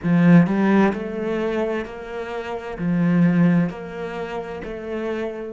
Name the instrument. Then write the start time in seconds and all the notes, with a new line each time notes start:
cello
0.03 F3
0.46 G3
0.93 A3
1.85 A#3
2.78 F3
3.69 A#3
4.64 A3